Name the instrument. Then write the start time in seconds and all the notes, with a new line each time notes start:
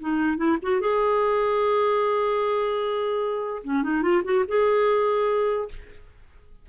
clarinet
0.00 D#4
0.37 E4
0.62 F#4
0.80 G#4
3.63 C#4
3.83 D#4
4.02 F4
4.24 F#4
4.47 G#4